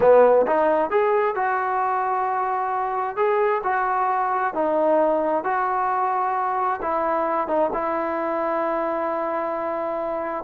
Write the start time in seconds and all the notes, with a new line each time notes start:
0.00 B3
0.46 D#4
0.90 G#4
1.35 F#4
3.16 G#4
3.63 F#4
4.54 D#4
5.44 F#4
6.82 E4
7.47 D#4
7.73 E4